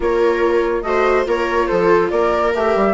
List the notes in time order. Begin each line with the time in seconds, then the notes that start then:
0.00 A#3 F4 A#4 C#5
0.82 A3 F#4 C5 D#5
1.24 A#3 F4 A#4 C#5
1.67 F3 A4 C5
2.10 A#3 A#4 D5
2.54 A3 G4 E5
2.75 G3